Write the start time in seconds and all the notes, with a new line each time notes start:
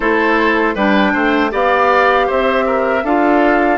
0.00 A3 E4 A4 C5
0.74 G3 D4 B4 G5
1.13 A3 C5
1.50 B3 G4 D5 F5
2.27 C4 C5 E5
2.66 A#4
3.03 D4 F4 A4 F5